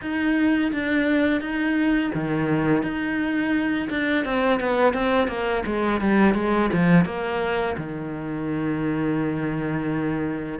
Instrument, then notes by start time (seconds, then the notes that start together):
cello
0.01 D#4
0.72 D4
1.40 D#4
2.14 D#3
2.82 D#4
3.89 D4
4.24 C4
4.60 B3
4.93 C4
5.27 A#3
5.65 G#3
6.01 G3
6.34 G#3
6.73 F3
7.05 A#3
7.76 D#3